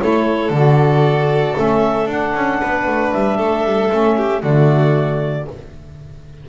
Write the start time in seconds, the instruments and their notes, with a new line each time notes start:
0.00 double bass A3, saxophone E4, violin A4, clarinet C#5
0.51 double bass D3, saxophone F#4, clarinet D5
1.55 double bass A3, saxophone C#4, clarinet E5
2.07 double bass D4, saxophone D4, clarinet F#5
2.35 double bass C#4
2.61 double bass B3, violin B4
2.87 double bass A3
3.13 double bass G3, clarinet E5
3.38 double bass A3, violin A4
3.65 double bass G3
3.90 double bass A3, saxophone C#4
4.17 violin G4
4.43 double bass D3, saxophone A3, violin F#4, clarinet D5